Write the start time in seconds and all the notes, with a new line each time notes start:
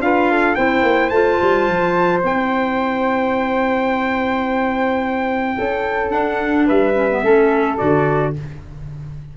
0.00 D4 F4 B4 F5
0.31 A4
0.55 C4 E4 C5 G5
0.83 A#3
1.09 A3 F4 A5
1.42 G3
1.68 F3
2.22 C4 E4 G5
5.57 C#4 A4
6.09 D4 F#5
6.66 G3 B4 E5
6.94 C#4
7.11 B3
7.23 A3 C#4 A4
7.78 D3 F#4 D5